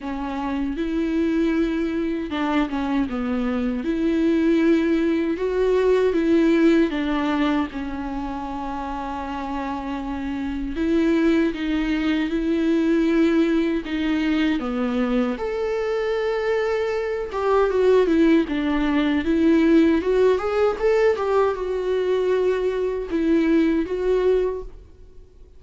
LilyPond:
\new Staff \with { instrumentName = "viola" } { \time 4/4 \tempo 4 = 78 cis'4 e'2 d'8 cis'8 | b4 e'2 fis'4 | e'4 d'4 cis'2~ | cis'2 e'4 dis'4 |
e'2 dis'4 b4 | a'2~ a'8 g'8 fis'8 e'8 | d'4 e'4 fis'8 gis'8 a'8 g'8 | fis'2 e'4 fis'4 | }